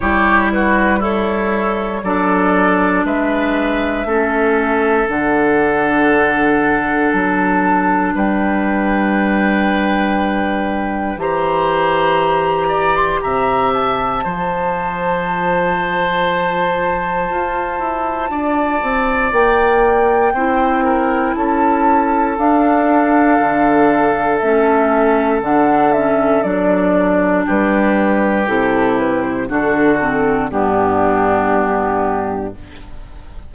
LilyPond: <<
  \new Staff \with { instrumentName = "flute" } { \time 4/4 \tempo 4 = 59 cis''8 b'8 cis''4 d''4 e''4~ | e''4 fis''2 a''4 | g''2. ais''4~ | ais''8. c'''16 ais''8 a''2~ a''8~ |
a''2. g''4~ | g''4 a''4 f''2 | e''4 fis''8 e''8 d''4 b'4 | a'8 b'16 c''16 a'4 g'2 | }
  \new Staff \with { instrumentName = "oboe" } { \time 4/4 g'8 fis'8 e'4 a'4 b'4 | a'1 | b'2. c''4~ | c''8 d''8 e''4 c''2~ |
c''2 d''2 | c''8 ais'8 a'2.~ | a'2. g'4~ | g'4 fis'4 d'2 | }
  \new Staff \with { instrumentName = "clarinet" } { \time 4/4 e'4 a'4 d'2 | cis'4 d'2.~ | d'2. g'4~ | g'2 f'2~ |
f'1 | e'2 d'2 | cis'4 d'8 cis'8 d'2 | e'4 d'8 c'8 b2 | }
  \new Staff \with { instrumentName = "bassoon" } { \time 4/4 g2 fis4 gis4 | a4 d2 fis4 | g2. e4~ | e4 c4 f2~ |
f4 f'8 e'8 d'8 c'8 ais4 | c'4 cis'4 d'4 d4 | a4 d4 fis4 g4 | c4 d4 g,2 | }
>>